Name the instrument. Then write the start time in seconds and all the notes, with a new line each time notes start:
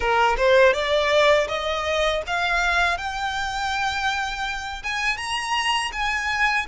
violin
0.00 A#4
0.36 C5
0.73 D5
1.47 D#5
2.26 F5
2.97 G5
4.83 G#5
5.17 A#5
5.92 G#5